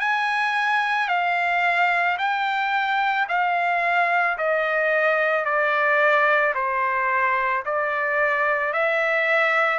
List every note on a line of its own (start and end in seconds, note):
0.00 1.09 G#5
1.09 2.18 F5
2.19 3.28 G5
3.29 4.38 F5
4.38 5.45 D#5
5.45 6.54 D5
6.55 7.64 C5
7.66 8.73 D5
8.73 9.79 E5